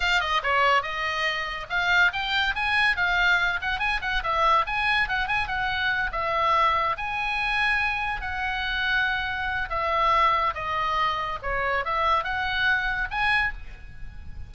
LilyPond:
\new Staff \with { instrumentName = "oboe" } { \time 4/4 \tempo 4 = 142 f''8 dis''8 cis''4 dis''2 | f''4 g''4 gis''4 f''4~ | f''8 fis''8 gis''8 fis''8 e''4 gis''4 | fis''8 gis''8 fis''4. e''4.~ |
e''8 gis''2. fis''8~ | fis''2. e''4~ | e''4 dis''2 cis''4 | e''4 fis''2 gis''4 | }